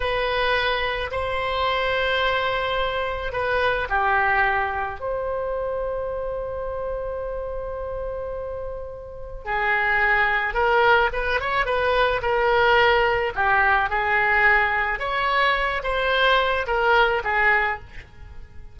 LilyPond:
\new Staff \with { instrumentName = "oboe" } { \time 4/4 \tempo 4 = 108 b'2 c''2~ | c''2 b'4 g'4~ | g'4 c''2.~ | c''1~ |
c''4 gis'2 ais'4 | b'8 cis''8 b'4 ais'2 | g'4 gis'2 cis''4~ | cis''8 c''4. ais'4 gis'4 | }